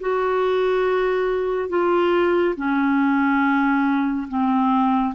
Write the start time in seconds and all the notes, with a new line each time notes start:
0.00 F#4
1.69 F4
2.56 C#4
4.28 C4